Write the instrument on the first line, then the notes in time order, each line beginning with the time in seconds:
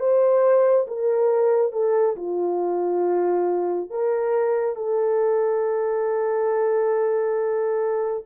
horn
0.00 C5
0.88 A#4
1.72 A4
2.17 F4
3.91 A#4
4.76 A4